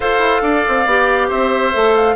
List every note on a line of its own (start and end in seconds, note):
0.00 0.18 F4
0.00 0.86 A4
0.00 0.41 C5
0.00 1.30 F5
0.18 0.40 E4
0.42 0.63 D4
0.42 1.28 D5
0.68 0.86 C4
0.86 1.29 B3
0.86 1.72 G4
1.28 1.73 C4
1.28 2.15 C5
1.28 1.95 E5
1.72 2.15 A3
1.72 2.15 A4
1.95 2.15 F5